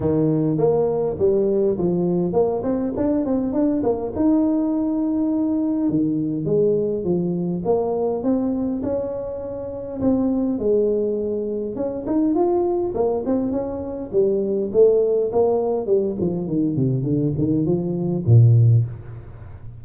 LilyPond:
\new Staff \with { instrumentName = "tuba" } { \time 4/4 \tempo 4 = 102 dis4 ais4 g4 f4 | ais8 c'8 d'8 c'8 d'8 ais8 dis'4~ | dis'2 dis4 gis4 | f4 ais4 c'4 cis'4~ |
cis'4 c'4 gis2 | cis'8 dis'8 f'4 ais8 c'8 cis'4 | g4 a4 ais4 g8 f8 | dis8 c8 d8 dis8 f4 ais,4 | }